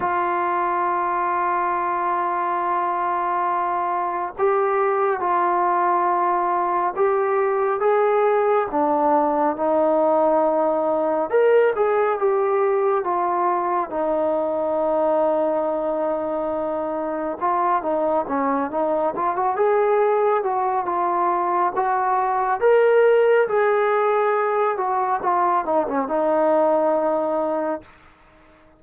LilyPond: \new Staff \with { instrumentName = "trombone" } { \time 4/4 \tempo 4 = 69 f'1~ | f'4 g'4 f'2 | g'4 gis'4 d'4 dis'4~ | dis'4 ais'8 gis'8 g'4 f'4 |
dis'1 | f'8 dis'8 cis'8 dis'8 f'16 fis'16 gis'4 fis'8 | f'4 fis'4 ais'4 gis'4~ | gis'8 fis'8 f'8 dis'16 cis'16 dis'2 | }